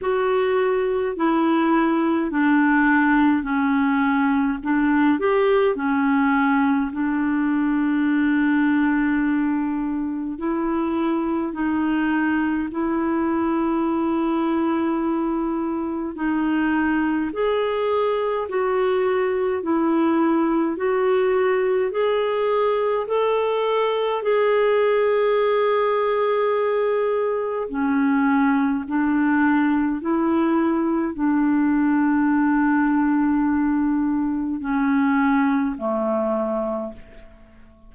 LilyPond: \new Staff \with { instrumentName = "clarinet" } { \time 4/4 \tempo 4 = 52 fis'4 e'4 d'4 cis'4 | d'8 g'8 cis'4 d'2~ | d'4 e'4 dis'4 e'4~ | e'2 dis'4 gis'4 |
fis'4 e'4 fis'4 gis'4 | a'4 gis'2. | cis'4 d'4 e'4 d'4~ | d'2 cis'4 a4 | }